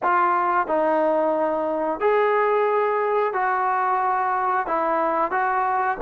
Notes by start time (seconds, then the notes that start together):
0.02 F4
0.67 D#4
2.00 G#4
3.33 F#4
4.67 E4
5.31 F#4